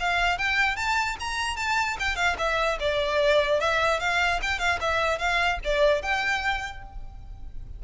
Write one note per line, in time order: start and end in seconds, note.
0.00 0.38 F5
0.38 0.77 G5
0.77 1.17 A5
1.20 1.57 A#5
1.57 1.97 A5
2.00 2.16 G5
2.16 2.36 F5
2.38 2.79 E5
2.80 3.60 D5
3.60 4.00 E5
4.00 4.40 F5
4.42 4.59 G5
4.59 4.79 F5
4.81 5.19 E5
5.19 5.59 F5
5.64 6.02 D5
6.02 6.83 G5